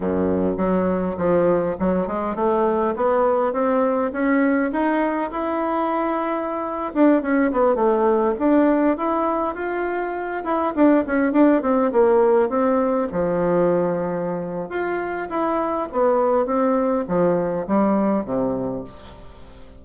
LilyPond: \new Staff \with { instrumentName = "bassoon" } { \time 4/4 \tempo 4 = 102 fis,4 fis4 f4 fis8 gis8 | a4 b4 c'4 cis'4 | dis'4 e'2~ e'8. d'16~ | d'16 cis'8 b8 a4 d'4 e'8.~ |
e'16 f'4. e'8 d'8 cis'8 d'8 c'16~ | c'16 ais4 c'4 f4.~ f16~ | f4 f'4 e'4 b4 | c'4 f4 g4 c4 | }